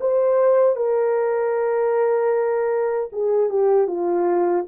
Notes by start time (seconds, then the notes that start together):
0.00 C5
0.76 A#4
3.12 G#4
3.49 G4
3.87 F4